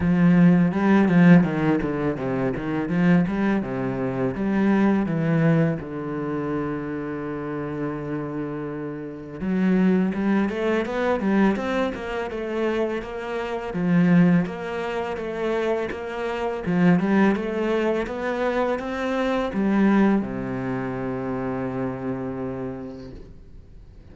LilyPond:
\new Staff \with { instrumentName = "cello" } { \time 4/4 \tempo 4 = 83 f4 g8 f8 dis8 d8 c8 dis8 | f8 g8 c4 g4 e4 | d1~ | d4 fis4 g8 a8 b8 g8 |
c'8 ais8 a4 ais4 f4 | ais4 a4 ais4 f8 g8 | a4 b4 c'4 g4 | c1 | }